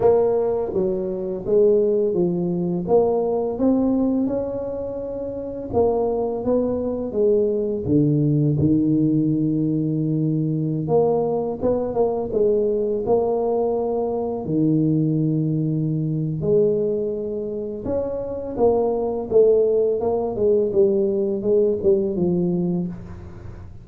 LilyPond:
\new Staff \with { instrumentName = "tuba" } { \time 4/4 \tempo 4 = 84 ais4 fis4 gis4 f4 | ais4 c'4 cis'2 | ais4 b4 gis4 d4 | dis2.~ dis16 ais8.~ |
ais16 b8 ais8 gis4 ais4.~ ais16~ | ais16 dis2~ dis8. gis4~ | gis4 cis'4 ais4 a4 | ais8 gis8 g4 gis8 g8 f4 | }